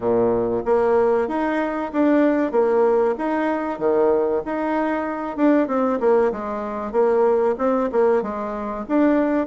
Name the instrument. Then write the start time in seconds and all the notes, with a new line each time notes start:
bassoon
0.00 A#2
0.65 A#3
1.27 D#4
1.92 D4
2.51 A#3
3.18 D#4
3.78 D#3
4.45 D#4
5.36 D4
5.67 C4
6.00 A#3
6.32 G#3
6.92 A#3
7.58 C4
7.91 A#3
8.22 G#3
8.88 D4